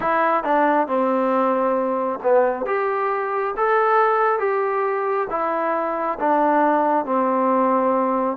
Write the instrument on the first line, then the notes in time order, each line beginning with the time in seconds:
trombone
0.00 E4
0.43 D4
0.87 C4
2.23 B3
2.66 G4
3.56 A4
4.39 G4
5.30 E4
6.19 D4
7.05 C4